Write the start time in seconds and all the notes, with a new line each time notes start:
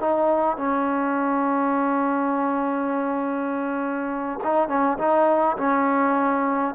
0.00 D#4
0.57 C#4
4.44 D#4
4.68 C#4
4.98 D#4
5.57 C#4